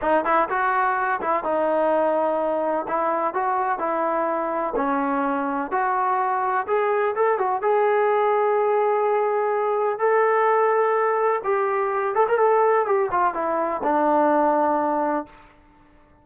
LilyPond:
\new Staff \with { instrumentName = "trombone" } { \time 4/4 \tempo 4 = 126 dis'8 e'8 fis'4. e'8 dis'4~ | dis'2 e'4 fis'4 | e'2 cis'2 | fis'2 gis'4 a'8 fis'8 |
gis'1~ | gis'4 a'2. | g'4. a'16 ais'16 a'4 g'8 f'8 | e'4 d'2. | }